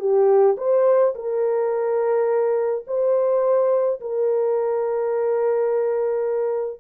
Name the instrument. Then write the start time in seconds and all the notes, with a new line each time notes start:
horn
0.00 G4
0.58 C5
1.16 A#4
2.87 C5
4.01 A#4